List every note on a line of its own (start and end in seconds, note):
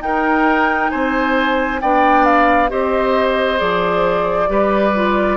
0.00 0.90 D#4
0.00 1.80 D#4
0.00 0.91 A#4
0.00 0.90 G5
0.90 1.83 C4
0.90 1.81 C5
0.90 1.80 G#5
1.81 2.71 B3
1.81 2.69 D4
1.81 2.71 D5
1.81 2.25 G5
2.25 2.70 F5
2.69 3.60 C4
2.69 3.57 G4
2.69 4.50 C5
2.69 3.60 D#5
3.57 4.49 F3
3.57 4.47 G#4
3.57 5.37 D5
4.48 5.37 G3
4.48 4.92 G4
4.48 5.37 B4
4.95 5.37 F4